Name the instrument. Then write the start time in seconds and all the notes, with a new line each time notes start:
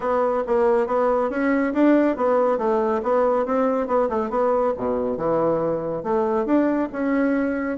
bassoon
0.00 B3
0.46 A#3
0.87 B3
1.30 C#4
1.73 D4
2.16 B3
2.58 A3
3.03 B3
3.45 C4
3.87 B3
4.09 A3
4.29 B3
4.77 B2
5.17 E3
6.03 A3
6.45 D4
6.92 C#4